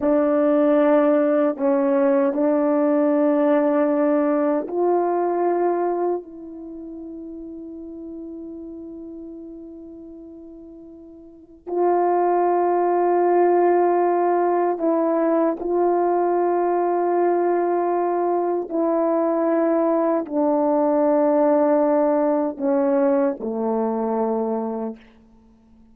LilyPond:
\new Staff \with { instrumentName = "horn" } { \time 4/4 \tempo 4 = 77 d'2 cis'4 d'4~ | d'2 f'2 | e'1~ | e'2. f'4~ |
f'2. e'4 | f'1 | e'2 d'2~ | d'4 cis'4 a2 | }